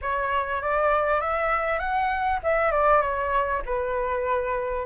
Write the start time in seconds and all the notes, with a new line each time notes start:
0.01 C#5
0.61 D5
1.20 E5
1.79 F#5
2.43 E5
2.71 D5
3.01 C#5
3.65 B4